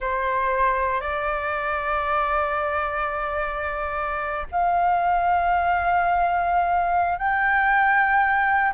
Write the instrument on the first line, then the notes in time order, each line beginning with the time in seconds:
flute
0.00 C5
1.00 D5
4.51 F5
7.18 G5